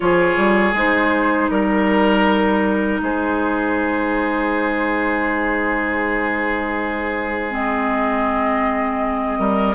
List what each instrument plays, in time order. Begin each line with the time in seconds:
0.00 bassoon F3, clarinet F4, oboe G#4, flute C#5
0.37 bassoon G3
0.73 bassoon G#3, clarinet D#4, flute C5
1.49 bassoon G3, flute A#4, oboe A#4
3.01 bassoon G#3, oboe G#4, flute C5
7.50 clarinet C4, flute D#5
9.38 bassoon G3, oboe A#4